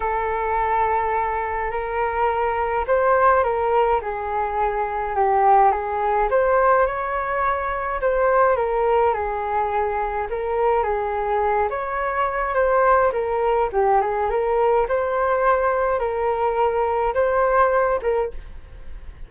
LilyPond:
\new Staff \with { instrumentName = "flute" } { \time 4/4 \tempo 4 = 105 a'2. ais'4~ | ais'4 c''4 ais'4 gis'4~ | gis'4 g'4 gis'4 c''4 | cis''2 c''4 ais'4 |
gis'2 ais'4 gis'4~ | gis'8 cis''4. c''4 ais'4 | g'8 gis'8 ais'4 c''2 | ais'2 c''4. ais'8 | }